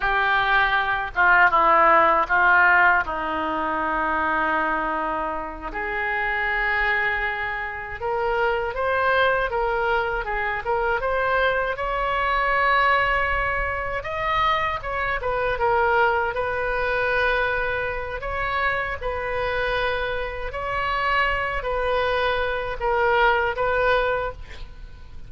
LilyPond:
\new Staff \with { instrumentName = "oboe" } { \time 4/4 \tempo 4 = 79 g'4. f'8 e'4 f'4 | dis'2.~ dis'8 gis'8~ | gis'2~ gis'8 ais'4 c''8~ | c''8 ais'4 gis'8 ais'8 c''4 cis''8~ |
cis''2~ cis''8 dis''4 cis''8 | b'8 ais'4 b'2~ b'8 | cis''4 b'2 cis''4~ | cis''8 b'4. ais'4 b'4 | }